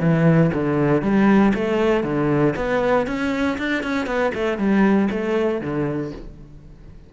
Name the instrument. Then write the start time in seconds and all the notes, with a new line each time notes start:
cello
0.00 E3
0.54 D3
1.02 G3
1.55 A3
2.03 D3
2.56 B3
3.07 C#4
3.58 D4
3.83 C#4
4.06 B3
4.35 A3
4.58 G3
5.10 A3
5.61 D3